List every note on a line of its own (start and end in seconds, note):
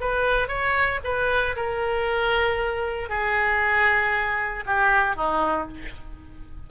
0.00 0.47 B4
0.47 0.99 C#5
1.04 1.55 B4
1.56 3.09 A#4
3.09 4.64 G#4
4.66 5.16 G4
5.16 5.68 D#4